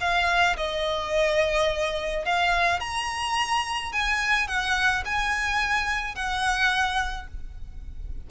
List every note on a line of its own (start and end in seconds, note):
0.00 0.56 F5
0.57 2.25 D#5
2.25 2.80 F5
2.80 3.92 A#5
3.92 4.47 G#5
4.47 5.03 F#5
5.05 6.15 G#5
6.15 7.27 F#5